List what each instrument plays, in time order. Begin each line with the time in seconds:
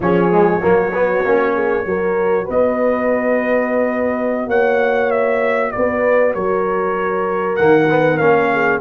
0.00 tuba F3, trombone C#4, horn G#4, trumpet C#5
0.31 trombone G#3
0.60 tuba F#3, trombone A#3, horn F#4
0.93 trombone B3
1.25 tuba A#3, trombone C#4
1.54 horn G#4
1.83 tuba F#3, trombone F#4, horn A#4
2.44 tuba B3, horn B4
2.50 trumpet D#5
4.47 tuba A#3, horn C#5, trumpet F#5
5.10 trumpet E5
5.71 tuba B3, horn B4, trumpet D5
6.34 tuba F#3, horn A#4, trumpet C#5
7.55 tuba D#3, trombone A#3, trumpet F#5
7.90 trombone B3
8.17 tuba A#3, trombone C#4, trumpet F5
8.52 horn G#4